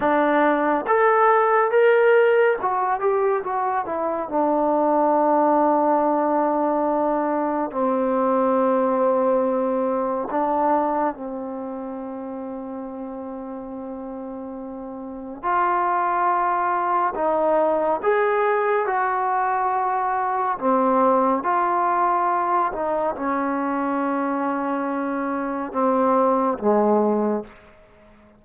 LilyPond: \new Staff \with { instrumentName = "trombone" } { \time 4/4 \tempo 4 = 70 d'4 a'4 ais'4 fis'8 g'8 | fis'8 e'8 d'2.~ | d'4 c'2. | d'4 c'2.~ |
c'2 f'2 | dis'4 gis'4 fis'2 | c'4 f'4. dis'8 cis'4~ | cis'2 c'4 gis4 | }